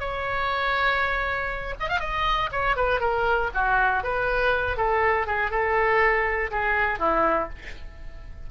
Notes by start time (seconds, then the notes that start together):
0.00 C#5
1.80 D#5
1.89 F5
2.00 D#5
2.52 C#5
2.77 B4
3.01 A#4
3.55 F#4
4.04 B4
4.77 A4
5.27 G#4
5.51 A4
6.51 G#4
7.00 E4